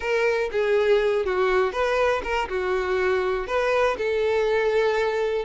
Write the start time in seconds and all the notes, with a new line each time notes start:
0.00 A#4
0.51 G#4
1.25 F#4
1.72 B4
2.23 A#4
2.48 F#4
3.47 B4
3.97 A4